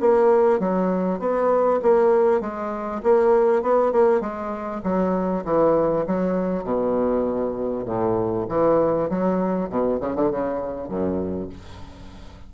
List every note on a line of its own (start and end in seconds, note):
0.00 0.60 A#3
0.60 1.19 F#3
1.19 1.80 B3
1.82 2.40 A#3
2.40 3.01 G#3
3.03 3.62 A#3
3.62 3.92 B3
3.92 4.21 A#3
4.21 4.81 G#3
4.83 5.44 F#3
5.45 6.05 E3
6.07 6.64 F#3
6.64 7.85 B2
7.85 8.46 A2
8.49 9.09 E3
9.09 9.69 F#3
9.69 9.99 B2
10.00 10.15 C#3
10.15 10.31 D3
10.31 10.89 C#3
10.89 11.49 F#2